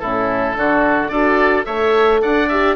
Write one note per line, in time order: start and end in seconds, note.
0.00 0.57 A2
0.00 0.55 C#4
0.00 0.56 E4
0.00 1.09 A4
0.55 1.10 D3
0.55 1.10 D4
0.55 1.12 F#4
1.09 1.65 D4
1.09 1.65 F#4
1.09 1.66 A4
1.09 1.64 D5
1.65 2.22 A3
1.65 2.48 A4
1.65 2.21 C#5
1.65 2.21 E5
2.22 2.76 D4
2.22 2.76 D5
2.22 2.49 F#5
2.49 2.76 G4
2.49 2.76 E5